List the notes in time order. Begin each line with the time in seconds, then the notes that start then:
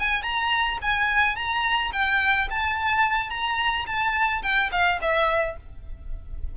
0.00 G#5
0.23 A#5
0.82 G#5
1.36 A#5
1.93 G5
2.51 A5
3.30 A#5
3.87 A5
4.43 G5
4.72 F5
5.02 E5